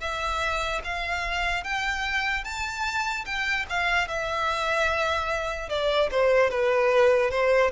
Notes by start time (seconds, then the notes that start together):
0.00 E5
0.84 F5
1.64 G5
2.44 A5
3.25 G5
3.69 F5
4.08 E5
5.69 D5
6.11 C5
6.50 B4
7.30 C5